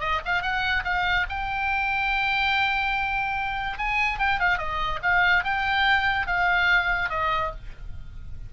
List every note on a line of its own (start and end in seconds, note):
0.00 0.21 D#5
0.25 0.42 F5
0.42 0.84 F#5
0.84 1.26 F5
1.29 3.78 G5
3.78 4.19 G#5
4.19 4.39 G5
4.39 4.58 F5
4.58 5.00 D#5
5.03 5.44 F5
5.44 6.27 G5
6.27 7.10 F5
7.10 7.51 D#5